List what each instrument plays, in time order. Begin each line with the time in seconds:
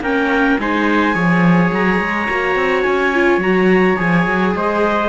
0.00 cello A#3, viola C#4, trumpet A#4, clarinet G5
0.59 cello G#3, viola D#4, trumpet C5, clarinet G#5
1.13 cello F3, viola G#4, trumpet C#5
1.72 cello F#3, clarinet A#5
1.99 cello G#3
2.29 cello A#3, viola F#4
2.55 cello C4
2.82 cello C#4, clarinet G#5
3.14 viola F4
3.37 cello F#3, viola F#4, clarinet A#5
3.96 cello F3, viola G#4, clarinet G#5
4.26 cello F#3
4.54 cello G#3, trumpet C5, clarinet D#5